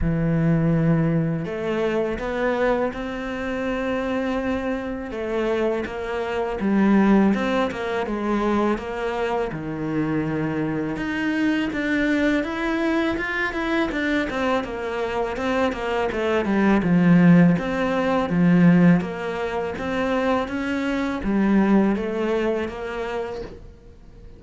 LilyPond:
\new Staff \with { instrumentName = "cello" } { \time 4/4 \tempo 4 = 82 e2 a4 b4 | c'2. a4 | ais4 g4 c'8 ais8 gis4 | ais4 dis2 dis'4 |
d'4 e'4 f'8 e'8 d'8 c'8 | ais4 c'8 ais8 a8 g8 f4 | c'4 f4 ais4 c'4 | cis'4 g4 a4 ais4 | }